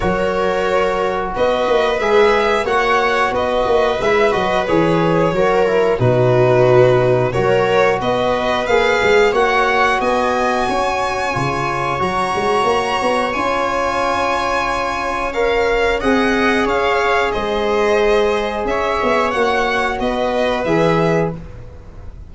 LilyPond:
<<
  \new Staff \with { instrumentName = "violin" } { \time 4/4 \tempo 4 = 90 cis''2 dis''4 e''4 | fis''4 dis''4 e''8 dis''8 cis''4~ | cis''4 b'2 cis''4 | dis''4 f''4 fis''4 gis''4~ |
gis''2 ais''2 | gis''2. f''4 | fis''4 f''4 dis''2 | e''4 fis''4 dis''4 e''4 | }
  \new Staff \with { instrumentName = "viola" } { \time 4/4 ais'2 b'2 | cis''4 b'2. | ais'4 fis'2 ais'4 | b'2 cis''4 dis''4 |
cis''1~ | cis''1 | dis''4 cis''4 c''2 | cis''2 b'2 | }
  \new Staff \with { instrumentName = "trombone" } { \time 4/4 fis'2. gis'4 | fis'2 e'8 fis'8 gis'4 | fis'8 e'8 dis'2 fis'4~ | fis'4 gis'4 fis'2~ |
fis'4 f'4 fis'2 | f'2. ais'4 | gis'1~ | gis'4 fis'2 gis'4 | }
  \new Staff \with { instrumentName = "tuba" } { \time 4/4 fis2 b8 ais8 gis4 | ais4 b8 ais8 gis8 fis8 e4 | fis4 b,2 fis4 | b4 ais8 gis8 ais4 b4 |
cis'4 cis4 fis8 gis8 ais8 b8 | cis'1 | c'4 cis'4 gis2 | cis'8 b8 ais4 b4 e4 | }
>>